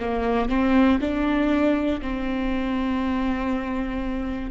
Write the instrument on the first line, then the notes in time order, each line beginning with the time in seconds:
viola
0.00 A#3
0.49 C4
1.00 D4
2.01 C4